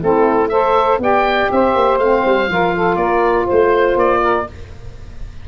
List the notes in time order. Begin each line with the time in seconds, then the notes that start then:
0.00 A3 C4 E4 A4
0.48 A4 C5 E5
0.98 B3 G4 D5 G5
1.51 C4 C5 E5
1.75 A#3
1.98 A3 C4 F5
2.25 G3
2.48 F3 F4 A#4
2.74 A4
2.96 A#3 A#4 D5
3.46 A3 C5
3.95 A#3 D5
4.22 A#4